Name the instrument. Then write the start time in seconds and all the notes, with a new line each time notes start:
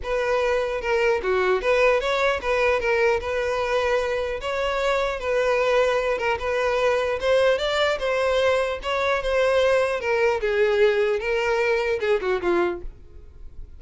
violin
0.03 B4
0.81 A#4
1.22 F#4
1.61 B4
2.00 C#5
2.41 B4
2.80 A#4
3.20 B4
4.40 C#5
5.19 B4
6.18 A#4
6.39 B4
7.20 C5
7.58 D5
7.99 C5
8.82 C#5
9.22 C5
10.00 A#4
10.40 G#4
11.19 A#4
12.00 G#4
12.21 F#4
12.41 F4